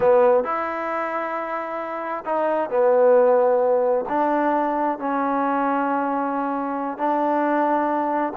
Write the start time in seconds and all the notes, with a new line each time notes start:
0.00 B3
0.44 E4
2.25 D#4
2.70 B3
4.08 D4
4.98 C#4
6.98 D4